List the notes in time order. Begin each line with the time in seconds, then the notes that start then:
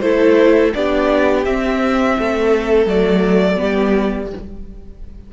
0.00 A3 E4 A4 C5
0.74 B3 D4 G4 D5
1.45 C4 E5
2.18 A3 A4
2.85 F#3 A3 D5
3.56 G3 B3 G4